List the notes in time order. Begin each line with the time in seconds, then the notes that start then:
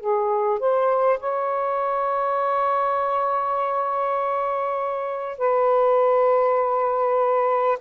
0.00 G#4
0.60 C5
1.20 C#5
5.38 B4